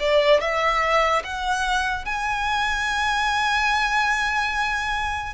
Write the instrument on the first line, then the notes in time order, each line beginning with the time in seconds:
violin
0.00 D5
0.41 E5
1.24 F#5
2.06 G#5